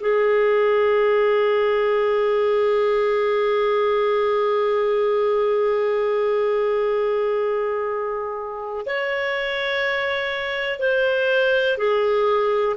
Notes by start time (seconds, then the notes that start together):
0.00 G#4
8.86 C#5
10.79 C5
11.77 G#4